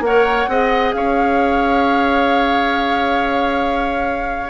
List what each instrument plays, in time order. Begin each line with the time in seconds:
0.00 bassoon A#3, clarinet A#4, oboe C#5, flute F#5
0.48 bassoon C4, clarinet G#4, oboe D#5
0.92 bassoon C#4, oboe C#5, flute F5